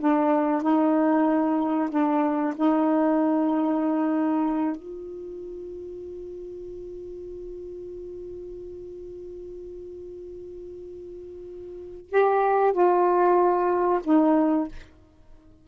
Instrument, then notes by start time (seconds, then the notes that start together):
saxophone
0.00 D4
0.62 D#4
1.90 D4
2.56 D#4
4.76 F4
12.10 G4
12.72 F4
14.04 D#4